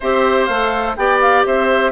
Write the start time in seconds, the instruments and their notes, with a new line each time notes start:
0.00 bassoon C4, clarinet G4, oboe C5, flute E5
0.45 bassoon A3, flute F5
0.51 clarinet A4
0.96 bassoon B3, clarinet G4, oboe D5, flute G5
1.21 flute F5
1.46 bassoon C4, oboe C5, flute E5